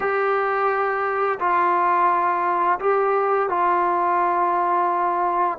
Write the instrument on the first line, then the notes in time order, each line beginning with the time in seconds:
trombone
0.00 G4
1.40 F4
2.79 G4
3.49 F4